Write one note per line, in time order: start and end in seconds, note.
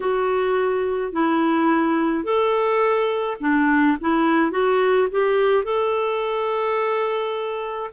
0.00 1.12 F#4
1.12 2.24 E4
2.24 3.37 A4
3.40 3.97 D4
4.00 4.51 E4
4.51 5.07 F#4
5.11 5.63 G4
5.63 7.90 A4